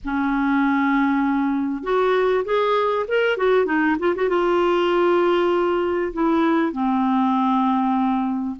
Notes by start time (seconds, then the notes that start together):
0.04 C#4
1.83 F#4
2.44 G#4
3.08 A#4
3.37 F#4
3.65 D#4
3.99 F4
4.15 F#4
4.29 F4
6.13 E4
6.72 C4